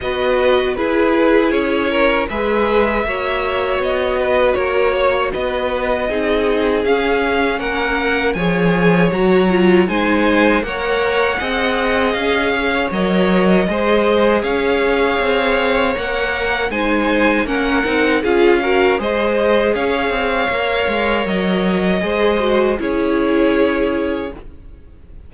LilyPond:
<<
  \new Staff \with { instrumentName = "violin" } { \time 4/4 \tempo 4 = 79 dis''4 b'4 cis''4 e''4~ | e''4 dis''4 cis''4 dis''4~ | dis''4 f''4 fis''4 gis''4 | ais''4 gis''4 fis''2 |
f''4 dis''2 f''4~ | f''4 fis''4 gis''4 fis''4 | f''4 dis''4 f''2 | dis''2 cis''2 | }
  \new Staff \with { instrumentName = "violin" } { \time 4/4 b'4 gis'4. ais'8 b'4 | cis''4. b'8 ais'8 cis''8 b'4 | gis'2 ais'4 cis''4~ | cis''4 c''4 cis''4 dis''4~ |
dis''8 cis''4. c''4 cis''4~ | cis''2 c''4 ais'4 | gis'8 ais'8 c''4 cis''2~ | cis''4 c''4 gis'2 | }
  \new Staff \with { instrumentName = "viola" } { \time 4/4 fis'4 e'2 gis'4 | fis'1 | dis'4 cis'2 gis'4 | fis'8 f'8 dis'4 ais'4 gis'4~ |
gis'4 ais'4 gis'2~ | gis'4 ais'4 dis'4 cis'8 dis'8 | f'8 fis'8 gis'2 ais'4~ | ais'4 gis'8 fis'8 e'2 | }
  \new Staff \with { instrumentName = "cello" } { \time 4/4 b4 e'4 cis'4 gis4 | ais4 b4 ais4 b4 | c'4 cis'4 ais4 f4 | fis4 gis4 ais4 c'4 |
cis'4 fis4 gis4 cis'4 | c'4 ais4 gis4 ais8 c'8 | cis'4 gis4 cis'8 c'8 ais8 gis8 | fis4 gis4 cis'2 | }
>>